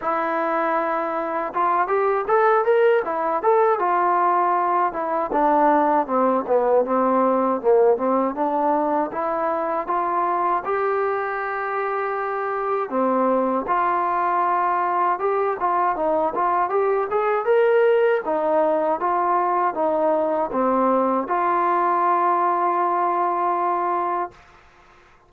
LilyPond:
\new Staff \with { instrumentName = "trombone" } { \time 4/4 \tempo 4 = 79 e'2 f'8 g'8 a'8 ais'8 | e'8 a'8 f'4. e'8 d'4 | c'8 b8 c'4 ais8 c'8 d'4 | e'4 f'4 g'2~ |
g'4 c'4 f'2 | g'8 f'8 dis'8 f'8 g'8 gis'8 ais'4 | dis'4 f'4 dis'4 c'4 | f'1 | }